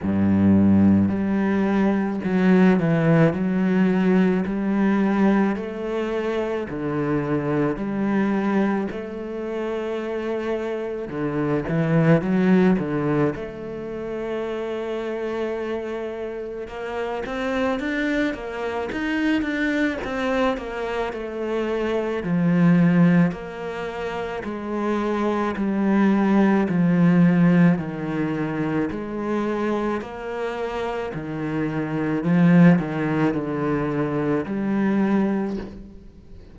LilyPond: \new Staff \with { instrumentName = "cello" } { \time 4/4 \tempo 4 = 54 g,4 g4 fis8 e8 fis4 | g4 a4 d4 g4 | a2 d8 e8 fis8 d8 | a2. ais8 c'8 |
d'8 ais8 dis'8 d'8 c'8 ais8 a4 | f4 ais4 gis4 g4 | f4 dis4 gis4 ais4 | dis4 f8 dis8 d4 g4 | }